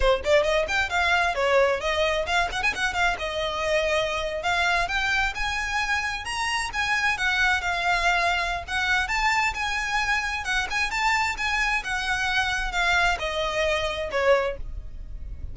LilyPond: \new Staff \with { instrumentName = "violin" } { \time 4/4 \tempo 4 = 132 c''8 d''8 dis''8 g''8 f''4 cis''4 | dis''4 f''8 fis''16 gis''16 fis''8 f''8 dis''4~ | dis''4.~ dis''16 f''4 g''4 gis''16~ | gis''4.~ gis''16 ais''4 gis''4 fis''16~ |
fis''8. f''2~ f''16 fis''4 | a''4 gis''2 fis''8 gis''8 | a''4 gis''4 fis''2 | f''4 dis''2 cis''4 | }